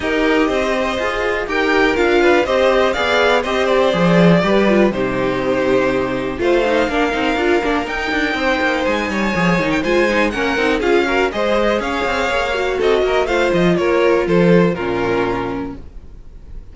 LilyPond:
<<
  \new Staff \with { instrumentName = "violin" } { \time 4/4 \tempo 4 = 122 dis''2. g''4 | f''4 dis''4 f''4 dis''8 d''8~ | d''2 c''2~ | c''4 f''2. |
g''2 gis''4.~ gis''16 g''16 | gis''4 fis''4 f''4 dis''4 | f''2 dis''4 f''8 dis''8 | cis''4 c''4 ais'2 | }
  \new Staff \with { instrumentName = "violin" } { \time 4/4 ais'4 c''2 ais'4~ | ais'8 b'8 c''4 d''4 c''4~ | c''4 b'4 g'2~ | g'4 c''4 ais'2~ |
ais'4 c''4. cis''4. | c''4 ais'4 gis'8 ais'8 c''4 | cis''2 a'8 ais'8 c''4 | ais'4 a'4 f'2 | }
  \new Staff \with { instrumentName = "viola" } { \time 4/4 g'2 gis'4 g'4 | f'4 g'4 gis'4 g'4 | gis'4 g'8 f'8 dis'2~ | dis'4 f'8 dis'8 d'8 dis'8 f'8 d'8 |
dis'2. gis'8 dis'8 | f'8 dis'8 cis'8 dis'8 f'8 fis'8 gis'4~ | gis'4. fis'4. f'4~ | f'2 cis'2 | }
  \new Staff \with { instrumentName = "cello" } { \time 4/4 dis'4 c'4 f'4 dis'4 | d'4 c'4 b4 c'4 | f4 g4 c2~ | c4 a4 ais8 c'8 d'8 ais8 |
dis'8 d'8 c'8 ais8 gis8 g8 f8 dis8 | gis4 ais8 c'8 cis'4 gis4 | cis'8 c'8 ais4 c'8 ais8 a8 f8 | ais4 f4 ais,2 | }
>>